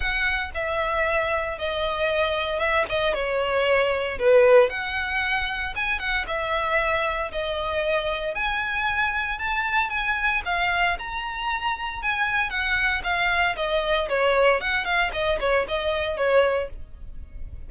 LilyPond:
\new Staff \with { instrumentName = "violin" } { \time 4/4 \tempo 4 = 115 fis''4 e''2 dis''4~ | dis''4 e''8 dis''8 cis''2 | b'4 fis''2 gis''8 fis''8 | e''2 dis''2 |
gis''2 a''4 gis''4 | f''4 ais''2 gis''4 | fis''4 f''4 dis''4 cis''4 | fis''8 f''8 dis''8 cis''8 dis''4 cis''4 | }